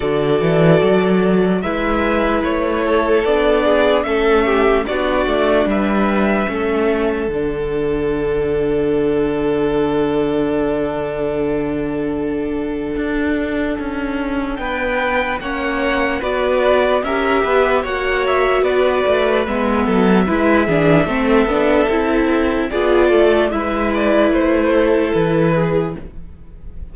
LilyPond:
<<
  \new Staff \with { instrumentName = "violin" } { \time 4/4 \tempo 4 = 74 d''2 e''4 cis''4 | d''4 e''4 d''4 e''4~ | e''4 fis''2.~ | fis''1~ |
fis''2 g''4 fis''4 | d''4 e''4 fis''8 e''8 d''4 | e''1 | d''4 e''8 d''8 c''4 b'4 | }
  \new Staff \with { instrumentName = "violin" } { \time 4/4 a'2 b'4. a'8~ | a'8 gis'8 a'8 g'8 fis'4 b'4 | a'1~ | a'1~ |
a'2 b'4 cis''4 | b'4 ais'8 b'8 cis''4 b'4~ | b'8 a'8 b'8 gis'8 a'2 | gis'8 a'8 b'4. a'4 gis'8 | }
  \new Staff \with { instrumentName = "viola" } { \time 4/4 fis'2 e'2 | d'4 cis'4 d'2 | cis'4 d'2.~ | d'1~ |
d'2. cis'4 | fis'4 g'4 fis'2 | b4 e'8 d'8 c'8 d'8 e'4 | f'4 e'2. | }
  \new Staff \with { instrumentName = "cello" } { \time 4/4 d8 e8 fis4 gis4 a4 | b4 a4 b8 a8 g4 | a4 d2.~ | d1 |
d'4 cis'4 b4 ais4 | b4 cis'8 b8 ais4 b8 a8 | gis8 fis8 gis8 e8 a8 b8 c'4 | b8 a8 gis4 a4 e4 | }
>>